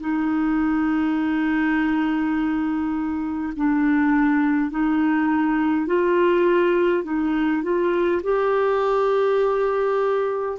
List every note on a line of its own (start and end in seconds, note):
0.00 3.53 D#4
3.56 4.71 D4
4.71 5.87 D#4
5.87 7.04 F4
7.04 7.63 D#4
7.63 8.21 F4
8.23 10.58 G4